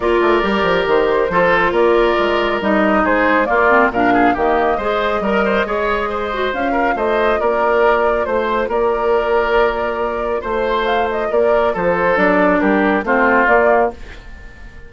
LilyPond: <<
  \new Staff \with { instrumentName = "flute" } { \time 4/4 \tempo 4 = 138 d''2 c''2 | d''2 dis''4 c''4 | d''4 f''4 dis''2~ | dis''2. f''4 |
dis''4 d''2 c''4 | d''1 | c''4 f''8 dis''8 d''4 c''4 | d''4 ais'4 c''4 d''4 | }
  \new Staff \with { instrumentName = "oboe" } { \time 4/4 ais'2. a'4 | ais'2. gis'4 | f'4 ais'8 gis'8 g'4 c''4 | ais'8 c''8 cis''4 c''4. ais'8 |
c''4 ais'2 c''4 | ais'1 | c''2 ais'4 a'4~ | a'4 g'4 f'2 | }
  \new Staff \with { instrumentName = "clarinet" } { \time 4/4 f'4 g'2 f'4~ | f'2 dis'2 | ais8 c'8 d'4 ais4 gis'4 | ais'4 gis'4. fis'8 f'4~ |
f'1~ | f'1~ | f'1 | d'2 c'4 ais4 | }
  \new Staff \with { instrumentName = "bassoon" } { \time 4/4 ais8 a8 g8 f8 dis4 f4 | ais4 gis4 g4 gis4 | ais4 ais,4 dis4 gis4 | g4 gis2 cis'4 |
a4 ais2 a4 | ais1 | a2 ais4 f4 | fis4 g4 a4 ais4 | }
>>